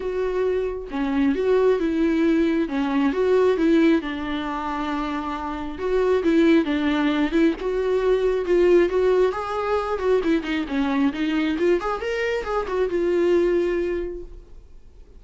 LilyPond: \new Staff \with { instrumentName = "viola" } { \time 4/4 \tempo 4 = 135 fis'2 cis'4 fis'4 | e'2 cis'4 fis'4 | e'4 d'2.~ | d'4 fis'4 e'4 d'4~ |
d'8 e'8 fis'2 f'4 | fis'4 gis'4. fis'8 e'8 dis'8 | cis'4 dis'4 f'8 gis'8 ais'4 | gis'8 fis'8 f'2. | }